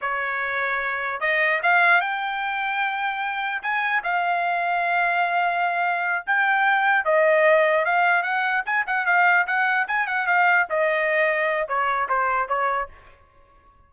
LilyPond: \new Staff \with { instrumentName = "trumpet" } { \time 4/4 \tempo 4 = 149 cis''2. dis''4 | f''4 g''2.~ | g''4 gis''4 f''2~ | f''2.~ f''8 g''8~ |
g''4. dis''2 f''8~ | f''8 fis''4 gis''8 fis''8 f''4 fis''8~ | fis''8 gis''8 fis''8 f''4 dis''4.~ | dis''4 cis''4 c''4 cis''4 | }